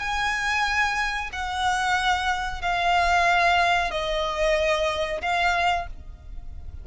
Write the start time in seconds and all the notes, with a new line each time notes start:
0.00 G#5
1.33 F#5
2.62 F5
3.91 D#5
5.22 F5